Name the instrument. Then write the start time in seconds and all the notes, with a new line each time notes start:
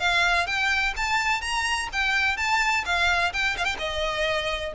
violin
0.00 F5
0.47 G5
0.96 A5
1.41 A#5
1.93 G5
2.37 A5
2.85 F5
3.33 G5
3.57 F5
3.64 G5
3.78 D#5